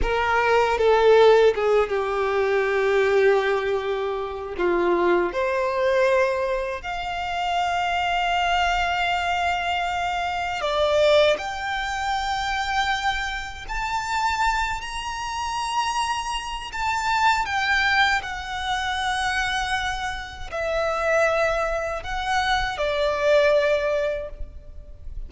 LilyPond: \new Staff \with { instrumentName = "violin" } { \time 4/4 \tempo 4 = 79 ais'4 a'4 gis'8 g'4.~ | g'2 f'4 c''4~ | c''4 f''2.~ | f''2 d''4 g''4~ |
g''2 a''4. ais''8~ | ais''2 a''4 g''4 | fis''2. e''4~ | e''4 fis''4 d''2 | }